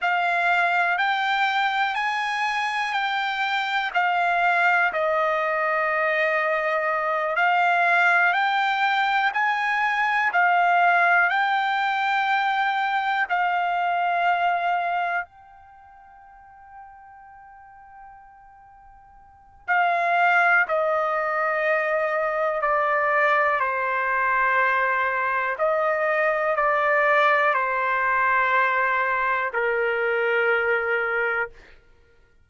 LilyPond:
\new Staff \with { instrumentName = "trumpet" } { \time 4/4 \tempo 4 = 61 f''4 g''4 gis''4 g''4 | f''4 dis''2~ dis''8 f''8~ | f''8 g''4 gis''4 f''4 g''8~ | g''4. f''2 g''8~ |
g''1 | f''4 dis''2 d''4 | c''2 dis''4 d''4 | c''2 ais'2 | }